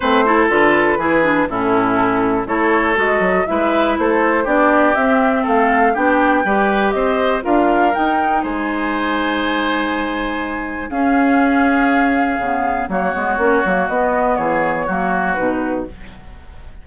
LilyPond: <<
  \new Staff \with { instrumentName = "flute" } { \time 4/4 \tempo 4 = 121 c''4 b'2 a'4~ | a'4 cis''4 dis''4 e''4 | c''4 d''4 e''4 f''4 | g''2 dis''4 f''4 |
g''4 gis''2.~ | gis''2 f''2~ | f''2 cis''2 | dis''4 cis''2 b'4 | }
  \new Staff \with { instrumentName = "oboe" } { \time 4/4 b'8 a'4. gis'4 e'4~ | e'4 a'2 b'4 | a'4 g'2 a'4 | g'4 b'4 c''4 ais'4~ |
ais'4 c''2.~ | c''2 gis'2~ | gis'2 fis'2~ | fis'4 gis'4 fis'2 | }
  \new Staff \with { instrumentName = "clarinet" } { \time 4/4 c'8 e'8 f'4 e'8 d'8 cis'4~ | cis'4 e'4 fis'4 e'4~ | e'4 d'4 c'2 | d'4 g'2 f'4 |
dis'1~ | dis'2 cis'2~ | cis'4 b4 ais8 b8 cis'8 ais8 | b2 ais4 dis'4 | }
  \new Staff \with { instrumentName = "bassoon" } { \time 4/4 a4 d4 e4 a,4~ | a,4 a4 gis8 fis8 gis4 | a4 b4 c'4 a4 | b4 g4 c'4 d'4 |
dis'4 gis2.~ | gis2 cis'2~ | cis'4 cis4 fis8 gis8 ais8 fis8 | b4 e4 fis4 b,4 | }
>>